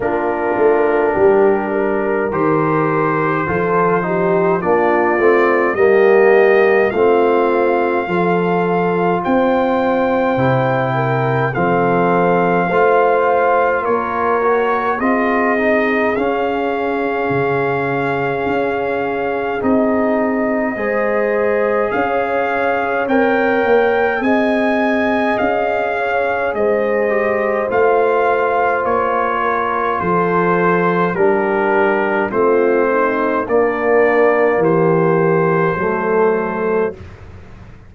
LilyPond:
<<
  \new Staff \with { instrumentName = "trumpet" } { \time 4/4 \tempo 4 = 52 ais'2 c''2 | d''4 dis''4 f''2 | g''2 f''2 | cis''4 dis''4 f''2~ |
f''4 dis''2 f''4 | g''4 gis''4 f''4 dis''4 | f''4 cis''4 c''4 ais'4 | c''4 d''4 c''2 | }
  \new Staff \with { instrumentName = "horn" } { \time 4/4 f'4 g'8 ais'4. a'8 g'8 | f'4 g'4 f'4 a'4 | c''4. ais'8 a'4 c''4 | ais'4 gis'2.~ |
gis'2 c''4 cis''4~ | cis''4 dis''4. cis''8 c''4~ | c''4. ais'8 a'4 g'4 | f'8 dis'8 d'4 g'4 a'4 | }
  \new Staff \with { instrumentName = "trombone" } { \time 4/4 d'2 g'4 f'8 dis'8 | d'8 c'8 ais4 c'4 f'4~ | f'4 e'4 c'4 f'4~ | f'8 fis'8 f'8 dis'8 cis'2~ |
cis'4 dis'4 gis'2 | ais'4 gis'2~ gis'8 g'8 | f'2. d'4 | c'4 ais2 a4 | }
  \new Staff \with { instrumentName = "tuba" } { \time 4/4 ais8 a8 g4 dis4 f4 | ais8 a8 g4 a4 f4 | c'4 c4 f4 a4 | ais4 c'4 cis'4 cis4 |
cis'4 c'4 gis4 cis'4 | c'8 ais8 c'4 cis'4 gis4 | a4 ais4 f4 g4 | a4 ais4 e4 fis4 | }
>>